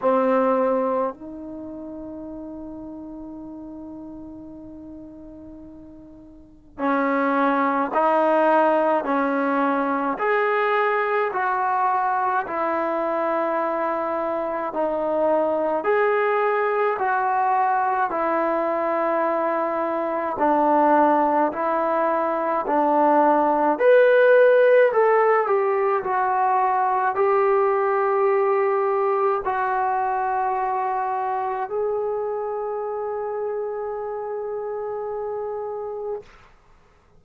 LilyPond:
\new Staff \with { instrumentName = "trombone" } { \time 4/4 \tempo 4 = 53 c'4 dis'2.~ | dis'2 cis'4 dis'4 | cis'4 gis'4 fis'4 e'4~ | e'4 dis'4 gis'4 fis'4 |
e'2 d'4 e'4 | d'4 b'4 a'8 g'8 fis'4 | g'2 fis'2 | gis'1 | }